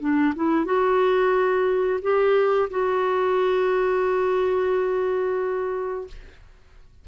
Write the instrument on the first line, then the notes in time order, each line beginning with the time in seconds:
clarinet
0.00 D4
0.35 E4
0.65 F#4
2.02 G4
2.70 F#4